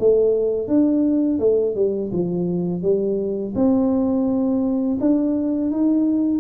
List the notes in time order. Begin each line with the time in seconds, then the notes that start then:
0.00 A3
0.68 D4
1.40 A3
1.76 G3
2.13 F3
2.82 G3
3.56 C4
5.01 D4
5.71 D#4